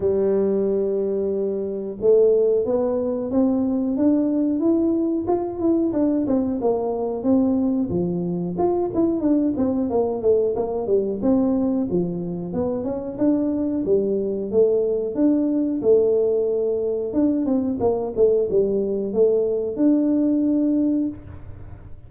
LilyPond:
\new Staff \with { instrumentName = "tuba" } { \time 4/4 \tempo 4 = 91 g2. a4 | b4 c'4 d'4 e'4 | f'8 e'8 d'8 c'8 ais4 c'4 | f4 f'8 e'8 d'8 c'8 ais8 a8 |
ais8 g8 c'4 f4 b8 cis'8 | d'4 g4 a4 d'4 | a2 d'8 c'8 ais8 a8 | g4 a4 d'2 | }